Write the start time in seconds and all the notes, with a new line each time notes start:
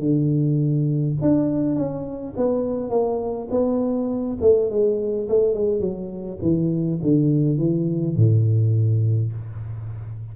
0.00 D3
1.22 D4
1.76 C#4
2.37 B3
2.90 A#3
3.51 B3
4.42 A3
4.71 G#3
5.29 A3
5.55 G#3
5.81 F#3
6.42 E3
7.02 D3
7.58 E3
8.16 A2